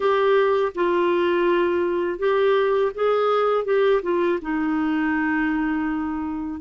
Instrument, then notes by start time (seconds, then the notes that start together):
clarinet
0.00 G4
0.75 F4
2.18 G4
2.94 G#4
3.65 G4
4.02 F4
4.41 D#4